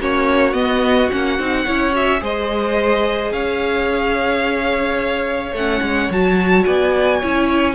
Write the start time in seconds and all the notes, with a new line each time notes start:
0.00 A#3 C#4 F#4 C#5
0.54 B3 D#5
1.12 A#3 C#4 F#5
1.39 C4 D#4
1.66 C#4 E4 C#5
1.93 F#4 E5
2.21 G#3 G#4 C5 D#5
3.32 C#4 C#5 F5
5.53 A3 C#4 F#5
5.82 G#3
6.11 F#3 F#4 A5
6.65 B3 D5 G#5
7.22 C#4 E4 C#5